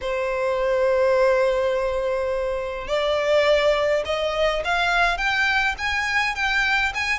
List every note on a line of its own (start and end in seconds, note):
0.01 2.87 C5
2.87 4.03 D5
4.05 4.63 D#5
4.64 5.17 F5
5.17 5.75 G5
5.77 6.35 G#5
6.35 6.92 G5
6.94 7.19 G#5